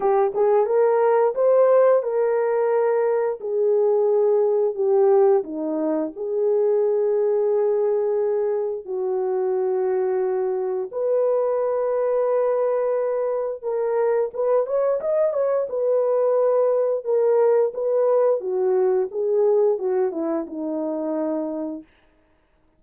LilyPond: \new Staff \with { instrumentName = "horn" } { \time 4/4 \tempo 4 = 88 g'8 gis'8 ais'4 c''4 ais'4~ | ais'4 gis'2 g'4 | dis'4 gis'2.~ | gis'4 fis'2. |
b'1 | ais'4 b'8 cis''8 dis''8 cis''8 b'4~ | b'4 ais'4 b'4 fis'4 | gis'4 fis'8 e'8 dis'2 | }